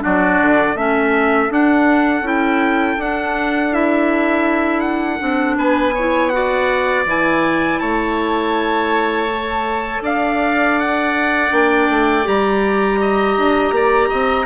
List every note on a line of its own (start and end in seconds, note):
0.00 0.42 F#3
0.00 0.74 D4
0.00 0.76 F#4
0.00 0.78 D5
0.42 0.75 D3
0.75 1.49 A3
0.75 1.50 C#4
0.75 5.58 A4
0.75 1.52 E5
1.50 2.24 D4
1.50 2.22 D4
1.50 2.28 F#5
2.22 2.96 C#4
2.22 2.98 E4
2.22 3.01 G5
2.98 5.21 D4
2.98 3.72 D4
2.98 3.74 F#5
3.72 5.19 E4
3.72 4.81 E5
4.81 5.55 F#5
5.19 5.58 C4
5.19 5.93 D4
5.58 7.06 B3
5.58 5.95 B4
5.58 6.29 G#5
5.95 6.32 E4
5.95 6.32 C#5
6.29 7.06 F#4
6.29 7.04 F#5
6.36 7.81 D5
7.06 7.80 E3
7.06 9.29 E4
7.06 7.80 G#5
7.80 10.01 A3
7.80 10.03 C#5
7.80 10.02 A5
9.29 11.50 A4
10.01 11.49 D4
10.01 13.00 D5
10.01 10.79 F5
10.79 11.53 F#5
11.50 11.89 A#3
11.50 12.24 D4
11.50 12.27 G5
11.89 12.26 A3
12.24 13.37 G3
12.24 14.46 G4
12.24 14.46 A#5
13.01 13.75 D#5
13.37 13.72 D4
13.72 14.09 A#3
13.72 14.09 D5
14.09 14.46 C4
14.09 14.46 D#5